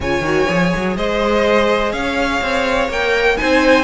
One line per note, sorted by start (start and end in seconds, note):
0.00 0.21 C#3
0.00 0.24 F4
0.00 0.97 C#5
0.00 0.96 G#5
0.21 0.45 D#3
0.21 0.48 F#4
0.48 0.74 F3
0.48 2.90 G#4
0.76 0.97 F#3
0.96 1.93 G#3
0.96 1.92 C5
0.96 1.92 D#5
1.92 2.41 C#4
1.92 3.37 C#5
1.92 2.89 F5
2.41 2.88 C4
2.88 3.36 A#3
2.88 3.37 A#4
2.88 3.37 G5
3.37 3.83 C4
3.37 3.83 D#4
3.37 3.83 C5
3.37 3.83 G#5